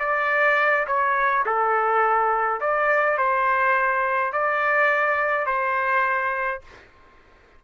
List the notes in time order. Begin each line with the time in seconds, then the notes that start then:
0.00 D5
0.87 C#5
1.46 A4
2.61 D5
3.18 C5
4.33 D5
5.47 C5